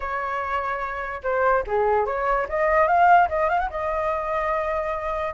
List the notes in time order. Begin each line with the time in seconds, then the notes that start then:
0.00 C#5
1.23 C5
1.66 G#4
2.05 C#5
2.48 D#5
2.87 F5
3.28 D#5
3.49 F5
3.59 F#5
3.70 D#5